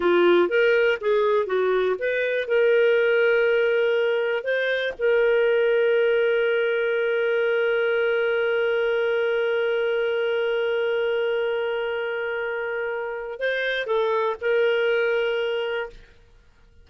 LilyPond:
\new Staff \with { instrumentName = "clarinet" } { \time 4/4 \tempo 4 = 121 f'4 ais'4 gis'4 fis'4 | b'4 ais'2.~ | ais'4 c''4 ais'2~ | ais'1~ |
ais'1~ | ais'1~ | ais'2. c''4 | a'4 ais'2. | }